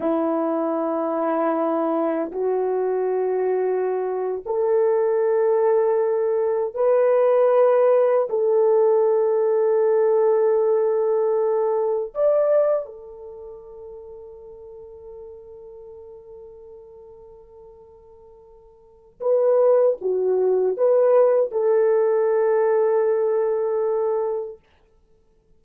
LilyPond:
\new Staff \with { instrumentName = "horn" } { \time 4/4 \tempo 4 = 78 e'2. fis'4~ | fis'4.~ fis'16 a'2~ a'16~ | a'8. b'2 a'4~ a'16~ | a'2.~ a'8. d''16~ |
d''8. a'2.~ a'16~ | a'1~ | a'4 b'4 fis'4 b'4 | a'1 | }